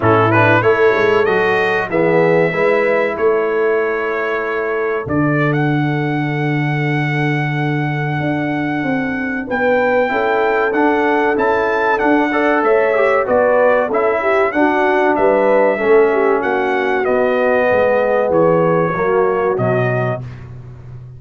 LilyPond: <<
  \new Staff \with { instrumentName = "trumpet" } { \time 4/4 \tempo 4 = 95 a'8 b'8 cis''4 dis''4 e''4~ | e''4 cis''2. | d''8. fis''2.~ fis''16~ | fis''2. g''4~ |
g''4 fis''4 a''4 fis''4 | e''4 d''4 e''4 fis''4 | e''2 fis''4 dis''4~ | dis''4 cis''2 dis''4 | }
  \new Staff \with { instrumentName = "horn" } { \time 4/4 e'4 a'2 gis'4 | b'4 a'2.~ | a'1~ | a'2. b'4 |
a'2.~ a'8 d''8 | cis''4 b'4 a'8 g'8 fis'4 | b'4 a'8 g'8 fis'2 | gis'2 fis'2 | }
  \new Staff \with { instrumentName = "trombone" } { \time 4/4 cis'8 d'8 e'4 fis'4 b4 | e'1 | d'1~ | d'1 |
e'4 d'4 e'4 d'8 a'8~ | a'8 g'8 fis'4 e'4 d'4~ | d'4 cis'2 b4~ | b2 ais4 fis4 | }
  \new Staff \with { instrumentName = "tuba" } { \time 4/4 a,4 a8 gis8 fis4 e4 | gis4 a2. | d1~ | d4 d'4 c'4 b4 |
cis'4 d'4 cis'4 d'4 | a4 b4 cis'4 d'4 | g4 a4 ais4 b4 | gis4 e4 fis4 b,4 | }
>>